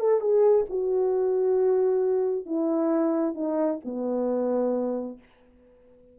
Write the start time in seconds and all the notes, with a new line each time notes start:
0.00 A4
0.21 G#4
0.70 F#4
2.46 E4
3.35 D#4
3.85 B3